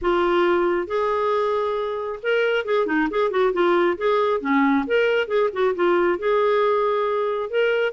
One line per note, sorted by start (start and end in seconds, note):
0.01 0.87 F4
0.87 2.19 G#4
2.22 2.65 A#4
2.65 2.86 G#4
2.86 3.08 D#4
3.10 3.30 G#4
3.30 3.53 F#4
3.53 3.97 F4
3.97 4.41 G#4
4.41 4.85 C#4
4.86 5.27 A#4
5.27 5.49 G#4
5.52 5.74 F#4
5.75 6.18 F4
6.18 7.49 G#4
7.49 7.92 A#4